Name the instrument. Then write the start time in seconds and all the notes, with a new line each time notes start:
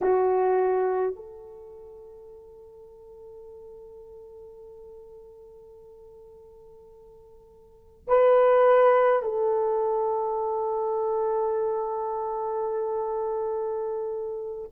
horn
0.01 F#4
1.15 A4
8.07 B4
9.22 A4